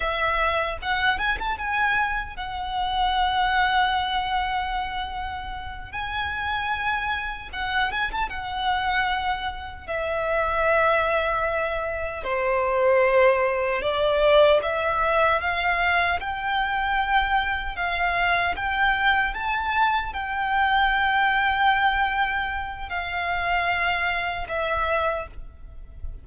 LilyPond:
\new Staff \with { instrumentName = "violin" } { \time 4/4 \tempo 4 = 76 e''4 fis''8 gis''16 a''16 gis''4 fis''4~ | fis''2.~ fis''8 gis''8~ | gis''4. fis''8 gis''16 a''16 fis''4.~ | fis''8 e''2. c''8~ |
c''4. d''4 e''4 f''8~ | f''8 g''2 f''4 g''8~ | g''8 a''4 g''2~ g''8~ | g''4 f''2 e''4 | }